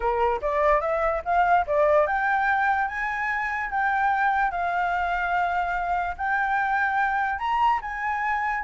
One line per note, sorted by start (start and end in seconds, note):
0.00 0.40 A#4
0.41 0.81 D5
0.81 1.22 E5
1.24 1.65 F5
1.66 2.06 D5
2.06 2.88 G5
2.88 3.70 G#5
3.70 4.51 G5
4.51 6.15 F5
6.17 7.38 G5
7.38 7.80 A#5
7.81 8.63 G#5